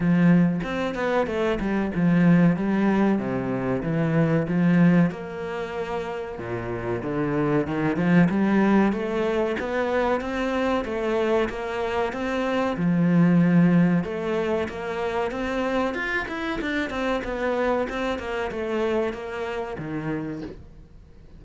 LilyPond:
\new Staff \with { instrumentName = "cello" } { \time 4/4 \tempo 4 = 94 f4 c'8 b8 a8 g8 f4 | g4 c4 e4 f4 | ais2 ais,4 d4 | dis8 f8 g4 a4 b4 |
c'4 a4 ais4 c'4 | f2 a4 ais4 | c'4 f'8 e'8 d'8 c'8 b4 | c'8 ais8 a4 ais4 dis4 | }